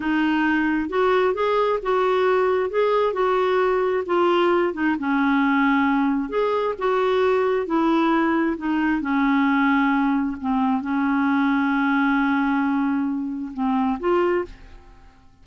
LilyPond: \new Staff \with { instrumentName = "clarinet" } { \time 4/4 \tempo 4 = 133 dis'2 fis'4 gis'4 | fis'2 gis'4 fis'4~ | fis'4 f'4. dis'8 cis'4~ | cis'2 gis'4 fis'4~ |
fis'4 e'2 dis'4 | cis'2. c'4 | cis'1~ | cis'2 c'4 f'4 | }